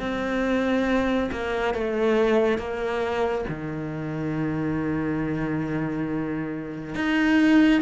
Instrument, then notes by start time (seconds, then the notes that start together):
cello
0.00 C4
1.32 A#3
1.74 A3
2.58 A#3
3.49 D#3
6.95 D#4